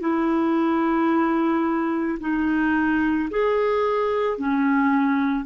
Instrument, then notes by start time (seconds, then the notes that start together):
clarinet
0.00 E4
2.20 D#4
3.31 G#4
4.38 C#4